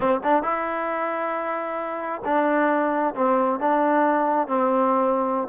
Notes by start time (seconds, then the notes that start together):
0.00 C4
0.23 D4
0.43 E4
2.24 D4
3.14 C4
3.59 D4
4.47 C4